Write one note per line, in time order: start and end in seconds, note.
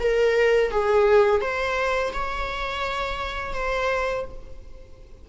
0.00 0.71 A#4
0.71 1.41 G#4
1.41 2.13 C5
2.13 3.54 C#5
3.54 4.25 C5